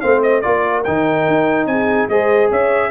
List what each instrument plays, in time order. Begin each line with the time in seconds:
0.00 tuba A3, trombone C4, horn C5, trumpet F5
0.22 trumpet D#5
0.41 tuba A#3, trombone F4, horn A#4, trumpet D5
0.83 tuba D#3, trombone D#4, trumpet G5
1.27 tuba D#4
1.65 tuba C4, horn G#4, trumpet G#5
2.08 tuba G#3, trombone G#4, horn C5, trumpet D#5
2.50 tuba C#4, horn C#5, trumpet E5